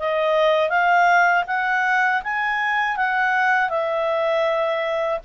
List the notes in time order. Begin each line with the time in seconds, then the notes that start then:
0.00 D#5
0.70 F5
1.48 F#5
2.24 G#5
2.97 F#5
3.70 E5